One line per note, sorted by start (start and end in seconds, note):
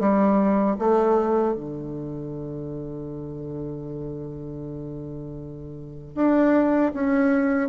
0.00 0.77 G3
0.79 1.55 A3
1.55 6.16 D3
6.16 6.93 D4
6.94 7.70 C#4